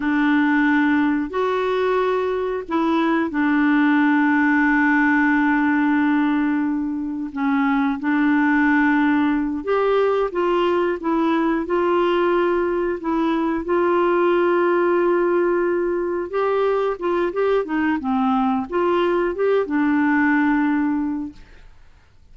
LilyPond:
\new Staff \with { instrumentName = "clarinet" } { \time 4/4 \tempo 4 = 90 d'2 fis'2 | e'4 d'2.~ | d'2. cis'4 | d'2~ d'8 g'4 f'8~ |
f'8 e'4 f'2 e'8~ | e'8 f'2.~ f'8~ | f'8 g'4 f'8 g'8 dis'8 c'4 | f'4 g'8 d'2~ d'8 | }